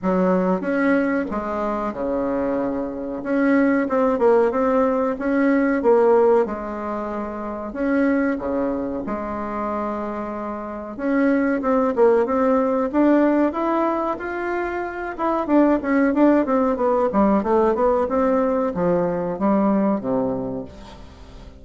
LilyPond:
\new Staff \with { instrumentName = "bassoon" } { \time 4/4 \tempo 4 = 93 fis4 cis'4 gis4 cis4~ | cis4 cis'4 c'8 ais8 c'4 | cis'4 ais4 gis2 | cis'4 cis4 gis2~ |
gis4 cis'4 c'8 ais8 c'4 | d'4 e'4 f'4. e'8 | d'8 cis'8 d'8 c'8 b8 g8 a8 b8 | c'4 f4 g4 c4 | }